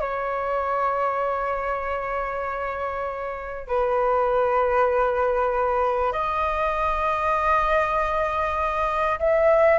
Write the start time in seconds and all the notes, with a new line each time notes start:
0.00 C#5
3.67 B4
6.12 D#5
9.19 E5